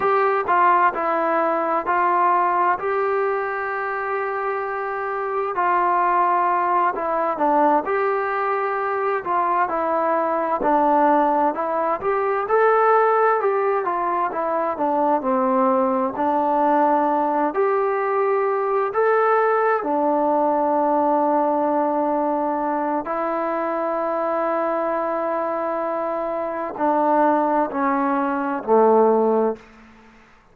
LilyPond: \new Staff \with { instrumentName = "trombone" } { \time 4/4 \tempo 4 = 65 g'8 f'8 e'4 f'4 g'4~ | g'2 f'4. e'8 | d'8 g'4. f'8 e'4 d'8~ | d'8 e'8 g'8 a'4 g'8 f'8 e'8 |
d'8 c'4 d'4. g'4~ | g'8 a'4 d'2~ d'8~ | d'4 e'2.~ | e'4 d'4 cis'4 a4 | }